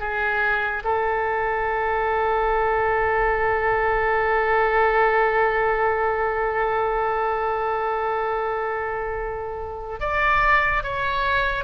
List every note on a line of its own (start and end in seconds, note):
0.00 0.83 G#4
0.84 10.00 A4
10.00 10.83 D5
10.83 11.64 C#5